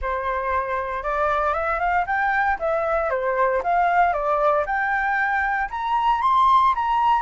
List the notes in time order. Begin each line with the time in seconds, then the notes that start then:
0.01 C5
1.03 D5
1.53 E5
1.79 F5
2.06 G5
2.59 E5
3.10 C5
3.63 F5
4.13 D5
4.66 G5
5.70 A#5
6.21 C6
6.75 A#5